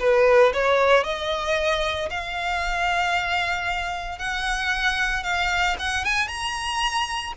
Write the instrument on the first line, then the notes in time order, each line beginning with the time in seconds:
violin
0.00 B4
0.54 C#5
1.04 D#5
2.10 F5
4.19 F#5
5.23 F5
5.79 F#5
6.05 G#5
6.28 A#5